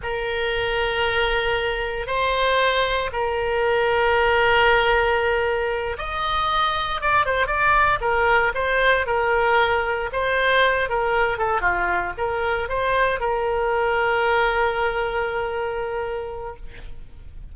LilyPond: \new Staff \with { instrumentName = "oboe" } { \time 4/4 \tempo 4 = 116 ais'1 | c''2 ais'2~ | ais'2.~ ais'8 dis''8~ | dis''4. d''8 c''8 d''4 ais'8~ |
ais'8 c''4 ais'2 c''8~ | c''4 ais'4 a'8 f'4 ais'8~ | ais'8 c''4 ais'2~ ais'8~ | ais'1 | }